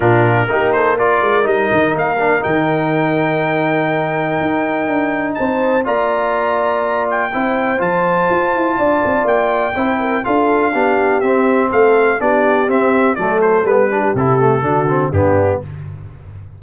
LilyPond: <<
  \new Staff \with { instrumentName = "trumpet" } { \time 4/4 \tempo 4 = 123 ais'4. c''8 d''4 dis''4 | f''4 g''2.~ | g''2. a''4 | ais''2~ ais''8 g''4. |
a''2. g''4~ | g''4 f''2 e''4 | f''4 d''4 e''4 d''8 c''8 | b'4 a'2 g'4 | }
  \new Staff \with { instrumentName = "horn" } { \time 4/4 f'4 g'8 a'8 ais'2~ | ais'1~ | ais'2. c''4 | d''2. c''4~ |
c''2 d''2 | c''8 ais'8 a'4 g'2 | a'4 g'2 a'4~ | a'8 g'4. fis'4 d'4 | }
  \new Staff \with { instrumentName = "trombone" } { \time 4/4 d'4 dis'4 f'4 dis'4~ | dis'8 d'8 dis'2.~ | dis'1 | f'2. e'4 |
f'1 | e'4 f'4 d'4 c'4~ | c'4 d'4 c'4 a4 | b8 d'8 e'8 a8 d'8 c'8 b4 | }
  \new Staff \with { instrumentName = "tuba" } { \time 4/4 ais,4 ais4. gis8 g8 dis8 | ais4 dis2.~ | dis4 dis'4 d'4 c'4 | ais2. c'4 |
f4 f'8 e'8 d'8 c'8 ais4 | c'4 d'4 b4 c'4 | a4 b4 c'4 fis4 | g4 c4 d4 g,4 | }
>>